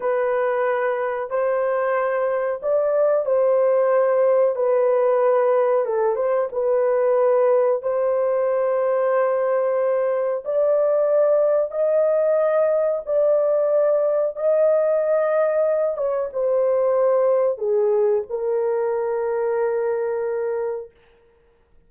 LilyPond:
\new Staff \with { instrumentName = "horn" } { \time 4/4 \tempo 4 = 92 b'2 c''2 | d''4 c''2 b'4~ | b'4 a'8 c''8 b'2 | c''1 |
d''2 dis''2 | d''2 dis''2~ | dis''8 cis''8 c''2 gis'4 | ais'1 | }